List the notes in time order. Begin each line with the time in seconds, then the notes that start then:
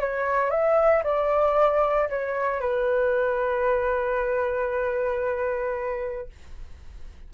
0.00 C#5
0.50 E5
1.03 D5
2.09 C#5
2.60 B4